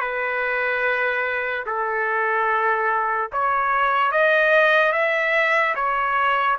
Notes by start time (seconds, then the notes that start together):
0.00 B4
1.66 A4
3.32 C#5
4.11 D#5
4.92 E5
5.75 C#5